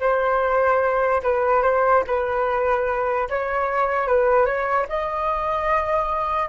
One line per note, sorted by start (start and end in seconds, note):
0.00 1.22 C5
1.23 1.63 B4
1.63 2.03 C5
2.07 3.28 B4
3.29 4.07 C#5
4.07 4.46 B4
4.46 4.86 C#5
4.89 6.49 D#5